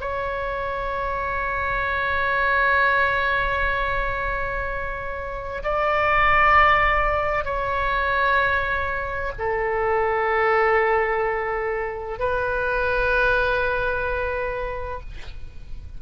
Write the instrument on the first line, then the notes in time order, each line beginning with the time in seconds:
oboe
0.00 C#5
5.63 D5
7.44 C#5
9.38 A4
12.19 B4